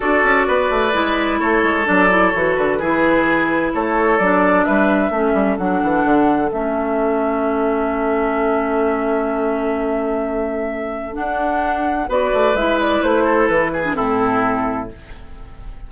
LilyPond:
<<
  \new Staff \with { instrumentName = "flute" } { \time 4/4 \tempo 4 = 129 d''2. cis''4 | d''4 cis''8 b'2~ b'8 | cis''4 d''4 e''2 | fis''2 e''2~ |
e''1~ | e''1 | fis''2 d''4 e''8 d''8 | c''4 b'4 a'2 | }
  \new Staff \with { instrumentName = "oboe" } { \time 4/4 a'4 b'2 a'4~ | a'2 gis'2 | a'2 b'4 a'4~ | a'1~ |
a'1~ | a'1~ | a'2 b'2~ | b'8 a'4 gis'8 e'2 | }
  \new Staff \with { instrumentName = "clarinet" } { \time 4/4 fis'2 e'2 | d'8 e'8 fis'4 e'2~ | e'4 d'2 cis'4 | d'2 cis'2~ |
cis'1~ | cis'1 | d'2 fis'4 e'4~ | e'4.~ e'16 d'16 c'2 | }
  \new Staff \with { instrumentName = "bassoon" } { \time 4/4 d'8 cis'8 b8 a8 gis4 a8 gis8 | fis4 e8 d8 e2 | a4 fis4 g4 a8 g8 | fis8 e8 d4 a2~ |
a1~ | a1 | d'2 b8 a8 gis4 | a4 e4 a,2 | }
>>